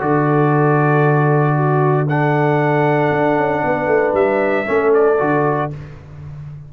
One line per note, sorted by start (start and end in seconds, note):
0.00 3.11 D3
0.00 2.07 F#4
0.00 1.57 A4
0.00 2.08 D5
1.57 2.09 F#4
2.09 4.66 D4
2.09 3.64 A4
2.09 4.15 F#5
3.11 3.37 D4
3.37 3.63 C#4
3.64 3.87 B3
3.64 4.68 B4
3.87 4.12 A3
4.13 4.65 G3
4.13 4.92 E5
4.66 5.21 A3
4.66 5.18 C#4
4.66 5.72 A4
4.94 5.72 D5
5.19 5.73 D3
5.19 5.70 F#4